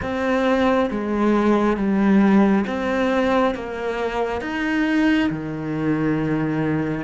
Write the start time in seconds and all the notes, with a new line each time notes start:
0.02 C4
0.90 G#3
1.76 G3
2.67 C4
3.55 A#3
4.41 D#4
5.29 D#3